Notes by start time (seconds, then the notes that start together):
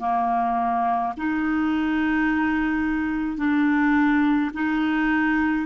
0.00 A#3
1.17 D#4
3.38 D4
4.54 D#4